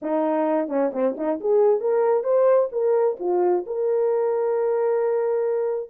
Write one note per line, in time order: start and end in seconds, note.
0.01 0.68 D#4
0.68 0.91 C#4
0.93 1.15 C4
1.17 1.39 D#4
1.40 1.80 G#4
1.80 2.23 A#4
2.23 2.69 C5
2.71 3.17 A#4
3.19 3.64 F4
3.66 5.90 A#4